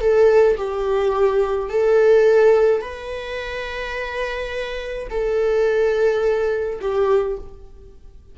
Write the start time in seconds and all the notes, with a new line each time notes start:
0.00 A4
0.57 G4
1.69 A4
2.81 B4
5.10 A4
6.81 G4